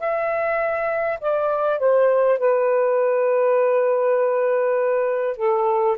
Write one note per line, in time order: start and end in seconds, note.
0.00 1.20 E5
1.21 1.80 D5
1.80 2.39 C5
2.39 5.37 B4
5.37 5.97 A4